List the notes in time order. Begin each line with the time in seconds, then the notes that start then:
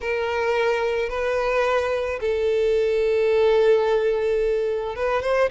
0.01 A#4
1.09 B4
2.20 A4
4.95 B4
5.22 C5